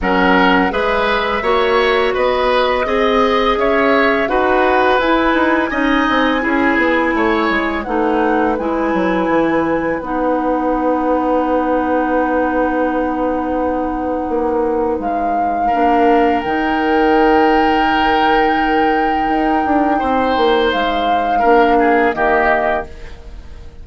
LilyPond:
<<
  \new Staff \with { instrumentName = "flute" } { \time 4/4 \tempo 4 = 84 fis''4 e''2 dis''4~ | dis''4 e''4 fis''4 gis''4~ | gis''2. fis''4 | gis''2 fis''2~ |
fis''1~ | fis''4 f''2 g''4~ | g''1~ | g''4 f''2 dis''4 | }
  \new Staff \with { instrumentName = "oboe" } { \time 4/4 ais'4 b'4 cis''4 b'4 | dis''4 cis''4 b'2 | dis''4 gis'4 cis''4 b'4~ | b'1~ |
b'1~ | b'2 ais'2~ | ais'1 | c''2 ais'8 gis'8 g'4 | }
  \new Staff \with { instrumentName = "clarinet" } { \time 4/4 cis'4 gis'4 fis'2 | gis'2 fis'4 e'4 | dis'4 e'2 dis'4 | e'2 dis'2~ |
dis'1~ | dis'2 d'4 dis'4~ | dis'1~ | dis'2 d'4 ais4 | }
  \new Staff \with { instrumentName = "bassoon" } { \time 4/4 fis4 gis4 ais4 b4 | c'4 cis'4 dis'4 e'8 dis'8 | cis'8 c'8 cis'8 b8 a8 gis8 a4 | gis8 fis8 e4 b2~ |
b1 | ais4 gis4 ais4 dis4~ | dis2. dis'8 d'8 | c'8 ais8 gis4 ais4 dis4 | }
>>